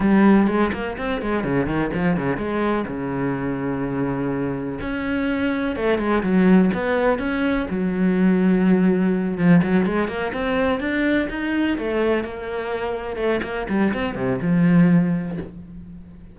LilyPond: \new Staff \with { instrumentName = "cello" } { \time 4/4 \tempo 4 = 125 g4 gis8 ais8 c'8 gis8 cis8 dis8 | f8 cis8 gis4 cis2~ | cis2 cis'2 | a8 gis8 fis4 b4 cis'4 |
fis2.~ fis8 f8 | fis8 gis8 ais8 c'4 d'4 dis'8~ | dis'8 a4 ais2 a8 | ais8 g8 c'8 c8 f2 | }